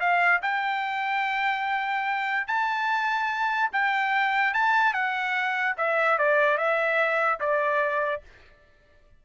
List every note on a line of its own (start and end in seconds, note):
0.00 0.41 F5
0.42 2.47 G5
2.47 3.70 A5
3.72 4.53 G5
4.53 4.93 A5
4.93 5.76 F#5
5.77 6.18 E5
6.18 6.57 D5
6.57 7.40 E5
7.40 8.22 D5